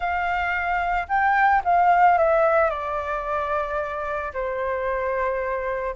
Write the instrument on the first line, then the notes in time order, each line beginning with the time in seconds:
flute
0.00 F5
1.08 G5
1.64 F5
2.17 E5
2.70 D5
4.33 C5